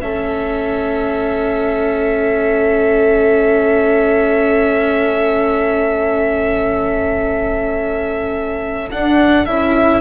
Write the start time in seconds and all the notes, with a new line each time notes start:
0.00 A3 C#4 A4 E5
8.91 D4 F#5
9.46 C#4 E4 E5